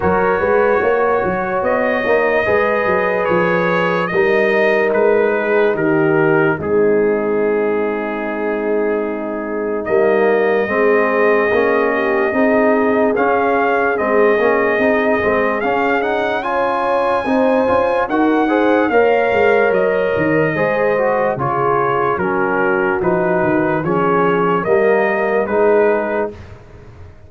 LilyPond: <<
  \new Staff \with { instrumentName = "trumpet" } { \time 4/4 \tempo 4 = 73 cis''2 dis''2 | cis''4 dis''4 b'4 ais'4 | gis'1 | dis''1 |
f''4 dis''2 f''8 fis''8 | gis''2 fis''4 f''4 | dis''2 cis''4 ais'4 | b'4 cis''4 dis''4 b'4 | }
  \new Staff \with { instrumentName = "horn" } { \time 4/4 ais'8 b'8 cis''2 b'4~ | b'4 ais'4. gis'8 g'4 | dis'1~ | dis'4 gis'4. g'8 gis'4~ |
gis'1 | cis''4 c''4 ais'8 c''8 cis''4~ | cis''4 c''4 gis'4 fis'4~ | fis'4 gis'4 ais'4 gis'4 | }
  \new Staff \with { instrumentName = "trombone" } { \time 4/4 fis'2~ fis'8 dis'8 gis'4~ | gis'4 dis'2. | c'1 | ais4 c'4 cis'4 dis'4 |
cis'4 c'8 cis'8 dis'8 c'8 cis'8 dis'8 | f'4 dis'8 f'8 fis'8 gis'8 ais'4~ | ais'4 gis'8 fis'8 f'4 cis'4 | dis'4 cis'4 ais4 dis'4 | }
  \new Staff \with { instrumentName = "tuba" } { \time 4/4 fis8 gis8 ais8 fis8 b8 ais8 gis8 fis8 | f4 g4 gis4 dis4 | gis1 | g4 gis4 ais4 c'4 |
cis'4 gis8 ais8 c'8 gis8 cis'4~ | cis'4 c'8 cis'8 dis'4 ais8 gis8 | fis8 dis8 gis4 cis4 fis4 | f8 dis8 f4 g4 gis4 | }
>>